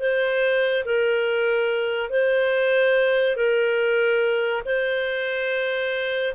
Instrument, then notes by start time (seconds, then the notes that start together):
clarinet
0.00 C5
0.85 A#4
2.10 C5
3.36 A#4
4.66 C5